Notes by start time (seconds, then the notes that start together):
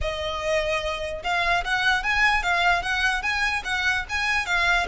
0.01 D#5
1.23 F5
1.64 F#5
2.03 G#5
2.42 F5
2.82 F#5
3.22 G#5
3.64 F#5
4.09 G#5
4.46 F5